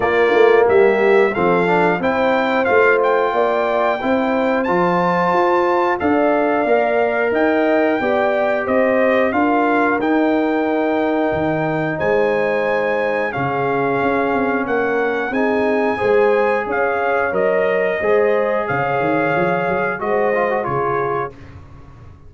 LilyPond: <<
  \new Staff \with { instrumentName = "trumpet" } { \time 4/4 \tempo 4 = 90 d''4 e''4 f''4 g''4 | f''8 g''2~ g''8 a''4~ | a''4 f''2 g''4~ | g''4 dis''4 f''4 g''4~ |
g''2 gis''2 | f''2 fis''4 gis''4~ | gis''4 f''4 dis''2 | f''2 dis''4 cis''4 | }
  \new Staff \with { instrumentName = "horn" } { \time 4/4 f'4 g'4 a'4 c''4~ | c''4 d''4 c''2~ | c''4 d''2 dis''4 | d''4 c''4 ais'2~ |
ais'2 c''2 | gis'2 ais'4 gis'4 | c''4 cis''2 c''4 | cis''2 c''4 gis'4 | }
  \new Staff \with { instrumentName = "trombone" } { \time 4/4 ais2 c'8 d'8 e'4 | f'2 e'4 f'4~ | f'4 a'4 ais'2 | g'2 f'4 dis'4~ |
dis'1 | cis'2. dis'4 | gis'2 ais'4 gis'4~ | gis'2 fis'8 f'16 fis'16 f'4 | }
  \new Staff \with { instrumentName = "tuba" } { \time 4/4 ais8 a8 g4 f4 c'4 | a4 ais4 c'4 f4 | f'4 d'4 ais4 dis'4 | b4 c'4 d'4 dis'4~ |
dis'4 dis4 gis2 | cis4 cis'8 c'8 ais4 c'4 | gis4 cis'4 fis4 gis4 | cis8 dis8 f8 fis8 gis4 cis4 | }
>>